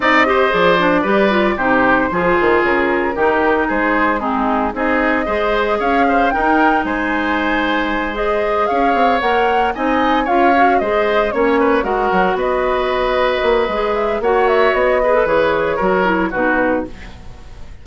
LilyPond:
<<
  \new Staff \with { instrumentName = "flute" } { \time 4/4 \tempo 4 = 114 dis''4 d''2 c''4~ | c''4 ais'2 c''4 | gis'4 dis''2 f''4 | g''4 gis''2~ gis''8 dis''8~ |
dis''8 f''4 fis''4 gis''4 f''8~ | f''8 dis''4 cis''4 fis''4 dis''8~ | dis''2~ dis''8 e''8 fis''8 e''8 | dis''4 cis''2 b'4 | }
  \new Staff \with { instrumentName = "oboe" } { \time 4/4 d''8 c''4. b'4 g'4 | gis'2 g'4 gis'4 | dis'4 gis'4 c''4 cis''8 c''8 | ais'4 c''2.~ |
c''8 cis''2 dis''4 cis''8~ | cis''8 c''4 cis''8 b'8 ais'4 b'8~ | b'2. cis''4~ | cis''8 b'4. ais'4 fis'4 | }
  \new Staff \with { instrumentName = "clarinet" } { \time 4/4 dis'8 g'8 gis'8 d'8 g'8 f'8 dis'4 | f'2 dis'2 | c'4 dis'4 gis'2 | dis'2.~ dis'8 gis'8~ |
gis'4. ais'4 dis'4 f'8 | fis'8 gis'4 cis'4 fis'4.~ | fis'2 gis'4 fis'4~ | fis'8 gis'16 a'16 gis'4 fis'8 e'8 dis'4 | }
  \new Staff \with { instrumentName = "bassoon" } { \time 4/4 c'4 f4 g4 c4 | f8 dis8 cis4 dis4 gis4~ | gis4 c'4 gis4 cis'4 | dis'4 gis2.~ |
gis8 cis'8 c'8 ais4 c'4 cis'8~ | cis'8 gis4 ais4 gis8 fis8 b8~ | b4. ais8 gis4 ais4 | b4 e4 fis4 b,4 | }
>>